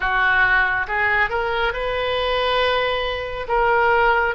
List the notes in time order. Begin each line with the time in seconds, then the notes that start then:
0.00 F#4
0.87 G#4
1.29 A#4
1.73 B4
3.48 A#4